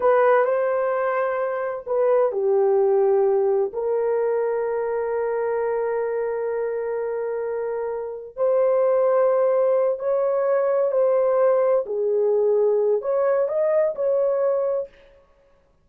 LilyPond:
\new Staff \with { instrumentName = "horn" } { \time 4/4 \tempo 4 = 129 b'4 c''2. | b'4 g'2. | ais'1~ | ais'1~ |
ais'2 c''2~ | c''4. cis''2 c''8~ | c''4. gis'2~ gis'8 | cis''4 dis''4 cis''2 | }